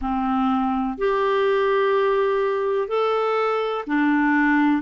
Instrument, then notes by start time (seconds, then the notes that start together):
clarinet
0.01 C4
0.98 G4
2.88 A4
3.87 D4